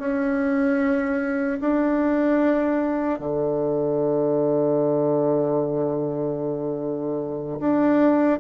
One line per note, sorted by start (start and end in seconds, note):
0.00 1.60 C#4
1.61 3.19 D4
3.19 7.59 D3
7.60 8.40 D4